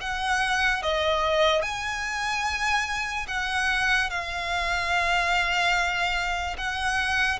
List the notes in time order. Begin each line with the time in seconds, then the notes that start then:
0.00 F#5
0.82 D#5
1.61 G#5
3.27 F#5
4.09 F5
6.57 F#5